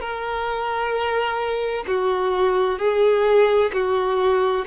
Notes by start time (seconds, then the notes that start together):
0.00 A#4
1.87 F#4
2.79 G#4
3.73 F#4